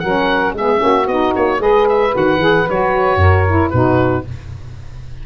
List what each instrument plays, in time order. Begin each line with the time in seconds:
0.00 tuba F#3, saxophone C#4 A#4, oboe F#5
0.54 tuba G#3, saxophone B3 G#4, oboe E5
0.78 tuba A#3, saxophone C#4 F#4
1.07 tuba B3, saxophone D#4, oboe D#5
1.36 tuba A#3, oboe C#5
1.59 tuba G#3, saxophone G#4 B4, oboe D#5
1.89 oboe E5
2.12 tuba D#3, saxophone F#4, oboe F#5
2.38 tuba E3, saxophone G#4
2.70 tuba F#3, saxophone F#4, oboe C#5
3.16 tuba F#2, saxophone A#4
3.48 saxophone E4
3.70 tuba B2, saxophone D#4 F#4, oboe B4